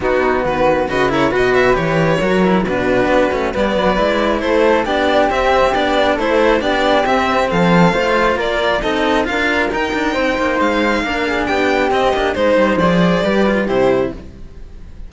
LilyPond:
<<
  \new Staff \with { instrumentName = "violin" } { \time 4/4 \tempo 4 = 136 fis'4 b'4 dis''8 cis''8 dis''8 e''8 | cis''2 b'2 | d''2 c''4 d''4 | e''4 d''4 c''4 d''4 |
e''4 f''2 d''4 | dis''4 f''4 g''2 | f''2 g''4 dis''4 | c''4 d''2 c''4 | }
  \new Staff \with { instrumentName = "flute" } { \time 4/4 dis'4 fis'4 b'8 ais'8 b'4~ | b'4 ais'4 fis'2 | b'2 a'4 g'4~ | g'2 a'4 g'4~ |
g'4 a'4 c''4 ais'4 | a'4 ais'2 c''4~ | c''4 ais'8 gis'8 g'2 | c''2 b'4 g'4 | }
  \new Staff \with { instrumentName = "cello" } { \time 4/4 b2 fis'8 e'8 fis'4 | g'4 fis'8 e'8 d'4. cis'8 | b4 e'2 d'4 | c'4 d'4 e'4 d'4 |
c'2 f'2 | dis'4 f'4 dis'2~ | dis'4 d'2 c'8 d'8 | dis'4 gis'4 g'8 f'8 e'4 | }
  \new Staff \with { instrumentName = "cello" } { \time 4/4 b4 dis4 cis4 b,4 | e4 fis4 b,4 b8 a8 | g8 fis8 gis4 a4 b4 | c'4 b4 a4 b4 |
c'4 f4 a4 ais4 | c'4 d'4 dis'8 d'8 c'8 ais8 | gis4 ais4 b4 c'8 ais8 | gis8 g8 f4 g4 c4 | }
>>